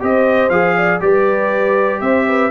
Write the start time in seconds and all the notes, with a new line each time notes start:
0.00 C4 G4 C5 D#5
0.50 F3 G#4 F5
0.76 D5
1.00 G3 G4 B4 D5
2.01 C4 C5 E5
2.28 B4